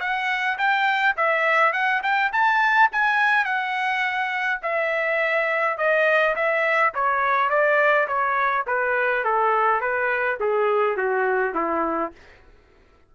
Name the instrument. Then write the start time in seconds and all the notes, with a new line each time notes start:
trumpet
0.00 F#5
0.58 G5
1.17 E5
1.73 F#5
2.03 G5
2.32 A5
2.92 G#5
3.45 F#5
4.63 E5
5.77 D#5
6.36 E5
6.94 C#5
7.49 D5
8.07 C#5
8.67 B4
9.24 A4
9.81 B4
10.40 G#4
10.97 F#4
11.55 E4